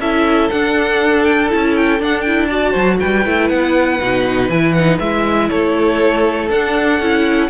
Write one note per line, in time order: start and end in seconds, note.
0.00 0.50 C#4
0.00 0.52 E4
0.00 2.48 A4
0.00 0.51 E5
0.51 1.49 D4
0.51 1.53 D4
0.51 1.24 F#5
1.24 1.49 G5
1.49 2.00 C#4
1.49 1.99 E4
1.49 1.75 A5
1.76 2.01 G5
2.00 2.25 D4
2.00 2.75 D4
2.00 2.22 F#5
2.22 2.50 E4
2.22 2.47 G5
2.48 3.25 F#4
2.48 2.71 D5
2.48 2.98 A5
2.71 3.00 F#3
2.71 2.96 C5
3.00 3.26 G3
3.00 5.49 B4
3.00 3.49 G5
3.26 3.50 A3
3.26 4.01 E4
3.49 4.00 B3
3.49 4.49 F#5
4.01 4.49 B2
4.01 4.51 D#4
4.49 4.99 E3
4.49 4.77 E4
4.49 4.73 G#5
4.73 5.02 D#4
4.73 4.98 F#5
5.00 5.50 G#3
5.00 6.51 E4
5.00 5.50 E5
5.49 6.50 A3
5.49 7.49 A4
5.49 6.50 C#5
6.50 7.00 D4
6.50 7.01 D4
6.50 7.50 F#5
7.00 7.50 C#4
7.00 7.50 E4